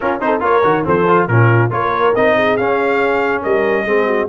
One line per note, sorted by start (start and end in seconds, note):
0.00 0.20 C#4
0.00 0.22 F4
0.00 0.20 A#4
0.20 0.40 C4
0.20 0.40 D#4
0.20 0.43 A4
0.20 0.42 C5
0.40 0.62 A#3
0.40 0.61 F4
0.40 0.85 A#4
0.40 0.87 C#5
0.63 0.85 D#3
0.63 0.84 F#4
0.84 1.28 F3
0.84 1.05 C4
0.84 1.28 A4
0.84 1.27 C5
1.07 1.29 F4
1.27 1.70 A#2
1.27 1.70 C#4
1.27 1.72 F4
1.27 1.70 A#4
1.70 2.13 A#3
1.70 2.13 F4
1.70 2.35 A#4
1.70 2.15 C#5
2.15 2.58 C4
2.15 2.59 D#4
2.15 2.56 D#5
2.35 3.41 G#4
2.56 3.44 C#4
2.56 3.86 C#4
2.56 3.42 F5
3.41 3.84 G3
3.41 3.84 A#4
3.41 4.28 D#5
3.84 4.27 G#3
3.84 4.28 C4
3.84 4.06 G#4
4.06 4.27 F#4